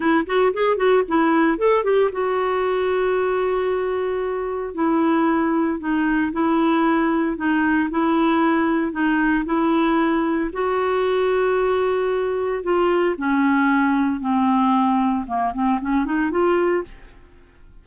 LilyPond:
\new Staff \with { instrumentName = "clarinet" } { \time 4/4 \tempo 4 = 114 e'8 fis'8 gis'8 fis'8 e'4 a'8 g'8 | fis'1~ | fis'4 e'2 dis'4 | e'2 dis'4 e'4~ |
e'4 dis'4 e'2 | fis'1 | f'4 cis'2 c'4~ | c'4 ais8 c'8 cis'8 dis'8 f'4 | }